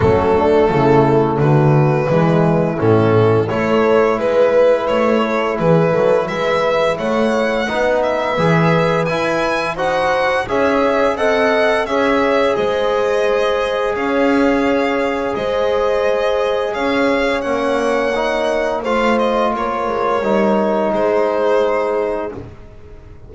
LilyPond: <<
  \new Staff \with { instrumentName = "violin" } { \time 4/4 \tempo 4 = 86 a'2 b'2 | a'4 cis''4 b'4 cis''4 | b'4 e''4 fis''4. e''8~ | e''4 gis''4 fis''4 e''4 |
fis''4 e''4 dis''2 | f''2 dis''2 | f''4 fis''2 f''8 dis''8 | cis''2 c''2 | }
  \new Staff \with { instrumentName = "horn" } { \time 4/4 cis'8 d'8 e'4 fis'4 e'4~ | e'4 a'4 b'4. a'8 | gis'8 a'8 b'4 cis''4 b'4~ | b'2 c''4 cis''4 |
dis''4 cis''4 c''2 | cis''2 c''2 | cis''2. c''4 | ais'2 gis'2 | }
  \new Staff \with { instrumentName = "trombone" } { \time 4/4 a2. gis4 | cis'4 e'2.~ | e'2. dis'4 | gis'4 e'4 fis'4 gis'4 |
a'4 gis'2.~ | gis'1~ | gis'4 cis'4 dis'4 f'4~ | f'4 dis'2. | }
  \new Staff \with { instrumentName = "double bass" } { \time 4/4 fis4 cis4 d4 e4 | a,4 a4 gis4 a4 | e8 fis8 gis4 a4 b4 | e4 e'4 dis'4 cis'4 |
c'4 cis'4 gis2 | cis'2 gis2 | cis'4 ais2 a4 | ais8 gis8 g4 gis2 | }
>>